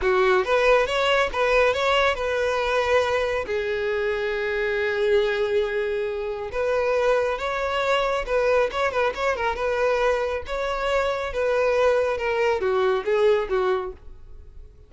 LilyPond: \new Staff \with { instrumentName = "violin" } { \time 4/4 \tempo 4 = 138 fis'4 b'4 cis''4 b'4 | cis''4 b'2. | gis'1~ | gis'2. b'4~ |
b'4 cis''2 b'4 | cis''8 b'8 cis''8 ais'8 b'2 | cis''2 b'2 | ais'4 fis'4 gis'4 fis'4 | }